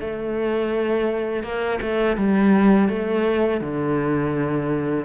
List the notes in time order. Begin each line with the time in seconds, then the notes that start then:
0.00 A3
1.43 A#3
1.81 A3
2.17 G3
2.89 A3
3.60 D3